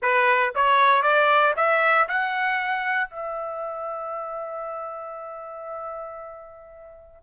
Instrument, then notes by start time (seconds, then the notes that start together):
trumpet
0.01 B4
0.55 C#5
1.02 D5
1.56 E5
2.08 F#5
3.09 E5